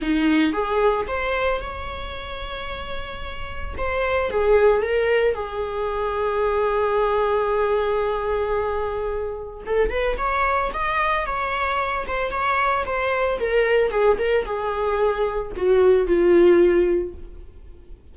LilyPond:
\new Staff \with { instrumentName = "viola" } { \time 4/4 \tempo 4 = 112 dis'4 gis'4 c''4 cis''4~ | cis''2. c''4 | gis'4 ais'4 gis'2~ | gis'1~ |
gis'2 a'8 b'8 cis''4 | dis''4 cis''4. c''8 cis''4 | c''4 ais'4 gis'8 ais'8 gis'4~ | gis'4 fis'4 f'2 | }